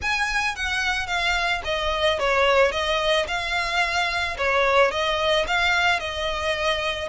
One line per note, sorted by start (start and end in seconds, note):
0.01 0.55 G#5
0.55 1.07 F#5
1.07 1.61 F5
1.64 2.19 D#5
2.19 2.71 C#5
2.71 3.26 D#5
3.27 4.36 F5
4.37 4.91 C#5
4.91 5.45 D#5
5.47 5.99 F5
5.99 7.08 D#5